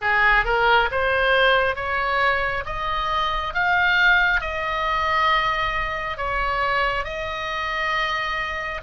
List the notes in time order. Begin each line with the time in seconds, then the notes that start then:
0.01 G#4
0.45 A#4
0.91 C5
1.75 C#5
2.65 D#5
3.54 F5
4.40 D#5
6.17 C#5
7.04 D#5